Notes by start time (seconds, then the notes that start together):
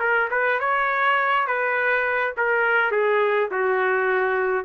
0.00 A#4
0.31 B4
0.60 C#5
1.47 B4
2.37 A#4
2.91 G#4
3.51 F#4